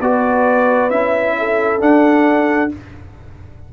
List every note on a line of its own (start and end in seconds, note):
0.00 0.90 B3
0.00 0.90 F#4
0.00 1.36 B4
0.00 0.90 D5
0.90 1.79 C#4
0.90 1.79 E4
0.90 1.79 E5
1.38 2.72 A4
1.79 2.69 D4
1.79 2.70 D4
1.79 2.71 F#5